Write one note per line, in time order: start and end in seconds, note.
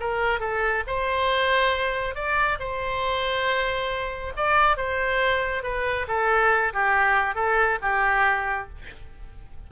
0.00 0.40 A#4
0.40 0.84 A4
0.87 2.15 C5
2.15 2.59 D5
2.59 4.33 C5
4.37 4.77 D5
4.77 5.63 C5
5.63 6.07 B4
6.08 6.73 A4
6.74 7.35 G4
7.35 7.79 A4
7.82 8.69 G4